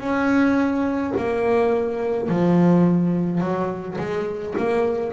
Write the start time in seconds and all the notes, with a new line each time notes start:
0.00 C#4
1.17 A#3
2.28 F3
3.40 F#3
3.98 G#3
4.57 A#3